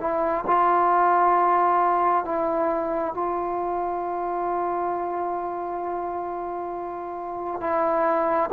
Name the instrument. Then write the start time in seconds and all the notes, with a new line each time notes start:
trombone
0.00 E4
0.46 F4
2.25 E4
3.14 F4
7.60 E4